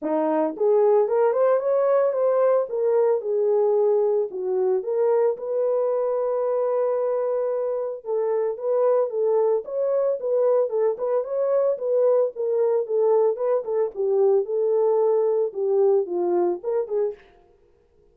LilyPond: \new Staff \with { instrumentName = "horn" } { \time 4/4 \tempo 4 = 112 dis'4 gis'4 ais'8 c''8 cis''4 | c''4 ais'4 gis'2 | fis'4 ais'4 b'2~ | b'2. a'4 |
b'4 a'4 cis''4 b'4 | a'8 b'8 cis''4 b'4 ais'4 | a'4 b'8 a'8 g'4 a'4~ | a'4 g'4 f'4 ais'8 gis'8 | }